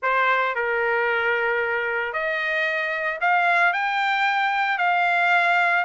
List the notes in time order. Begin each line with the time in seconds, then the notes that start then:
0.02 C5
0.55 A#4
2.13 D#5
3.21 F5
3.73 G5
4.78 F5